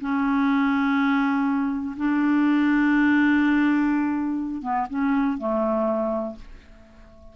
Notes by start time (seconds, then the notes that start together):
0.00 C#4
1.96 D4
4.62 B3
4.89 C#4
5.37 A3